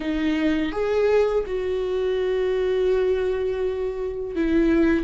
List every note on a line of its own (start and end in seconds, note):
0.00 0.72 D#4
0.72 1.44 G#4
1.46 4.35 F#4
4.35 5.04 E4